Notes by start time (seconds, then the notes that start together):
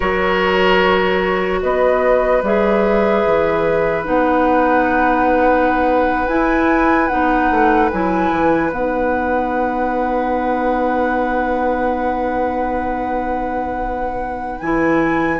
0.00 F#3 F#4 A#4 C#5
1.62 B3 B4 D#5
2.42 G3 G#4 E5
3.25 E3
4.04 B3 D#4 F#5
6.27 E4 G#5
7.08 B3 D#4 F#5
7.50 A3
7.90 F#3 E4 G#5
8.31 E3
8.71 B3 D#4 F#5
14.60 E3 E4 G#5